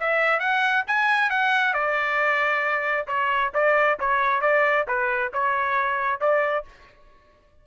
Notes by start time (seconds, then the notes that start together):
0.00 E5
0.40 F#5
0.87 G#5
1.30 F#5
1.74 D5
3.08 C#5
3.54 D5
4.00 C#5
4.42 D5
4.88 B4
5.34 C#5
6.21 D5